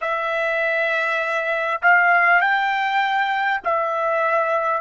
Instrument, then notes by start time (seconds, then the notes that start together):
trumpet
0.01 E5
1.82 F5
2.41 G5
3.64 E5